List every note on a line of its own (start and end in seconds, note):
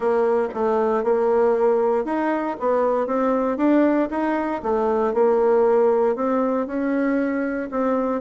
0.00 0.48 A#3
0.53 1.03 A3
1.03 2.05 A#3
2.05 2.56 D#4
2.59 3.06 B3
3.06 3.57 C4
3.57 4.08 D4
4.10 4.61 D#4
4.62 5.13 A3
5.13 6.15 A#3
6.15 6.66 C4
6.66 7.69 C#4
7.70 8.21 C4